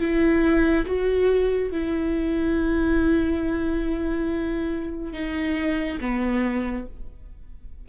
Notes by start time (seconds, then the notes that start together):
0.00 E4
0.86 F#4
1.72 E4
5.13 D#4
6.01 B3